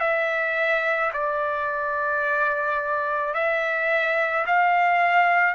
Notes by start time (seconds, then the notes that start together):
0.00 E5
1.13 D5
3.34 E5
4.46 F5